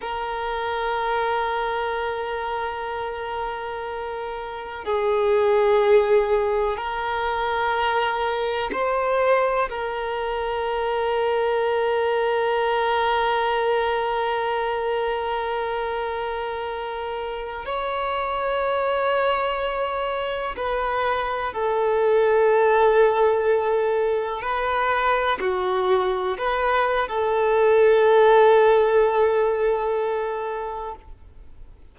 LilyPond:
\new Staff \with { instrumentName = "violin" } { \time 4/4 \tempo 4 = 62 ais'1~ | ais'4 gis'2 ais'4~ | ais'4 c''4 ais'2~ | ais'1~ |
ais'2~ ais'16 cis''4.~ cis''16~ | cis''4~ cis''16 b'4 a'4.~ a'16~ | a'4~ a'16 b'4 fis'4 b'8. | a'1 | }